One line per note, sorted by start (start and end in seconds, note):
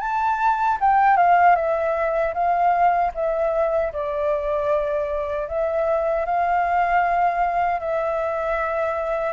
0.00 0.78 A5
0.81 1.17 G5
1.17 1.55 F5
1.55 2.33 E5
2.34 3.12 F5
3.15 3.92 E5
3.93 5.48 D5
5.48 6.26 E5
6.26 7.80 F5
7.80 9.33 E5